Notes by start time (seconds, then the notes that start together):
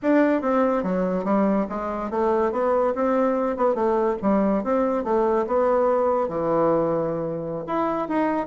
0.02 D4
0.41 C4
0.83 F#3
1.24 G3
1.69 G#3
2.10 A3
2.52 B3
2.94 C4
3.56 B3
3.74 A3
4.22 G3
4.63 C4
5.04 A3
5.46 B3
6.28 E3
7.66 E4
8.08 D#4